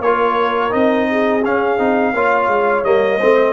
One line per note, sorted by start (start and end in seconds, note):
0.00 0.71 A#3
0.00 0.70 F4
0.00 1.10 A#4
0.00 0.72 C#5
0.70 1.44 C4
0.70 1.41 D#4
0.70 1.43 D#5
1.10 2.14 G#4
1.45 1.79 C#4
1.45 1.78 C#4
1.45 2.84 F5
1.78 2.14 C4
1.78 2.14 D#4
2.14 2.48 A#3
2.14 2.85 F4
2.14 3.18 C#5
2.48 2.83 G#3
2.84 3.19 G3
2.84 3.20 A#3
2.84 3.53 D#5
3.18 3.53 A3
3.18 3.53 C4
3.18 3.53 C5